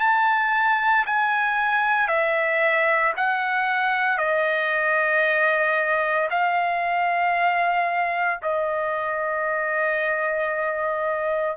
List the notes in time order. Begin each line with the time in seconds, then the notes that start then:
0.00 A5
1.06 G#5
2.08 E5
3.17 F#5
4.18 D#5
6.30 F5
8.42 D#5